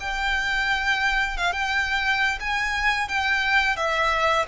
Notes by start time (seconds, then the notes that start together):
0.00 G5
1.37 F5
1.53 G5
2.40 G#5
3.08 G5
3.76 E5